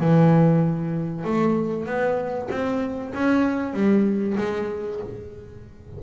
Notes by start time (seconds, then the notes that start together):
0.00 E3
1.24 A3
1.86 B3
2.51 C4
3.14 C#4
3.73 G3
4.38 G#3